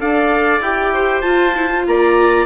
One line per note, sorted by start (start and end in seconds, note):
0.00 0.61 D4
0.00 0.62 A4
0.00 0.94 D5
0.00 0.62 F5
0.61 1.23 E4
0.61 1.23 G4
0.61 1.22 G5
0.94 1.87 C5
1.22 1.54 F4
1.22 1.87 F4
1.22 1.84 A5
1.57 1.70 E4
1.70 2.46 F4
1.87 2.46 A#3
1.87 2.46 D5
1.87 2.46 A#5